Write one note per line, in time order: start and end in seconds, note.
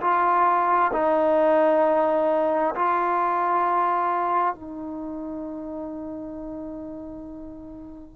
0.00 0.91 F4
0.92 2.74 D#4
2.74 4.54 F4
4.54 8.16 D#4